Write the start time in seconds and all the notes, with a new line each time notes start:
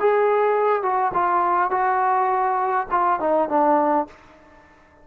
0.00 G#4
0.83 F#4
1.14 F4
1.71 F#4
2.91 F4
3.20 D#4
3.49 D4